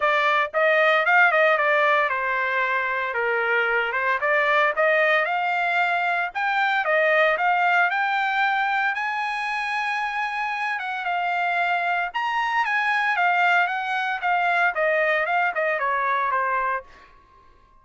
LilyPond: \new Staff \with { instrumentName = "trumpet" } { \time 4/4 \tempo 4 = 114 d''4 dis''4 f''8 dis''8 d''4 | c''2 ais'4. c''8 | d''4 dis''4 f''2 | g''4 dis''4 f''4 g''4~ |
g''4 gis''2.~ | gis''8 fis''8 f''2 ais''4 | gis''4 f''4 fis''4 f''4 | dis''4 f''8 dis''8 cis''4 c''4 | }